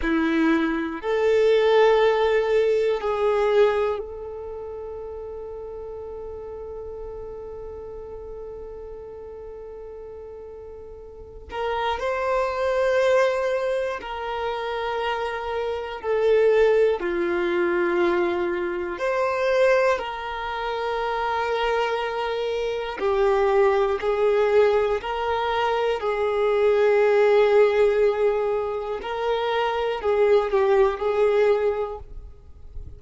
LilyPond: \new Staff \with { instrumentName = "violin" } { \time 4/4 \tempo 4 = 60 e'4 a'2 gis'4 | a'1~ | a'2.~ a'8 ais'8 | c''2 ais'2 |
a'4 f'2 c''4 | ais'2. g'4 | gis'4 ais'4 gis'2~ | gis'4 ais'4 gis'8 g'8 gis'4 | }